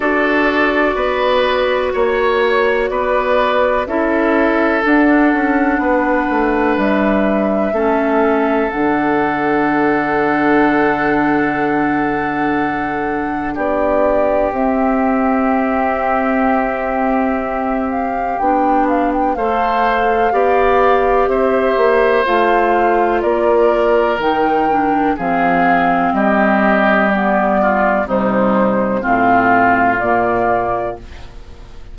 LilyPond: <<
  \new Staff \with { instrumentName = "flute" } { \time 4/4 \tempo 4 = 62 d''2 cis''4 d''4 | e''4 fis''2 e''4~ | e''4 fis''2.~ | fis''2 d''4 e''4~ |
e''2~ e''8 f''8 g''8 f''16 g''16 | f''2 e''4 f''4 | d''4 g''4 f''4 dis''4 | d''4 c''4 f''4 d''4 | }
  \new Staff \with { instrumentName = "oboe" } { \time 4/4 a'4 b'4 cis''4 b'4 | a'2 b'2 | a'1~ | a'2 g'2~ |
g'1 | c''4 d''4 c''2 | ais'2 gis'4 g'4~ | g'8 f'8 dis'4 f'2 | }
  \new Staff \with { instrumentName = "clarinet" } { \time 4/4 fis'1 | e'4 d'2. | cis'4 d'2.~ | d'2. c'4~ |
c'2. d'4 | a'4 g'2 f'4~ | f'4 dis'8 d'8 c'2 | b4 g4 c'4 ais4 | }
  \new Staff \with { instrumentName = "bassoon" } { \time 4/4 d'4 b4 ais4 b4 | cis'4 d'8 cis'8 b8 a8 g4 | a4 d2.~ | d2 b4 c'4~ |
c'2. b4 | a4 b4 c'8 ais8 a4 | ais4 dis4 f4 g4~ | g4 c4 a,4 ais,4 | }
>>